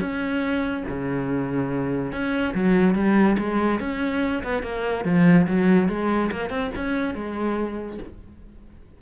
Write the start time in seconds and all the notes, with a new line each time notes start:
0.00 C#4
0.88 C#3
2.12 C#4
2.54 F#3
2.95 G3
3.38 G#3
3.80 C#4
4.43 B3
4.62 A#3
5.05 F3
5.47 F#3
5.89 G#3
6.31 A#3
6.50 C4
6.76 C#4
7.15 G#3